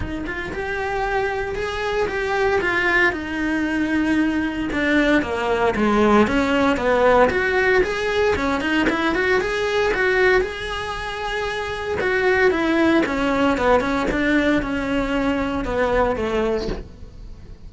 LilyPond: \new Staff \with { instrumentName = "cello" } { \time 4/4 \tempo 4 = 115 dis'8 f'8 g'2 gis'4 | g'4 f'4 dis'2~ | dis'4 d'4 ais4 gis4 | cis'4 b4 fis'4 gis'4 |
cis'8 dis'8 e'8 fis'8 gis'4 fis'4 | gis'2. fis'4 | e'4 cis'4 b8 cis'8 d'4 | cis'2 b4 a4 | }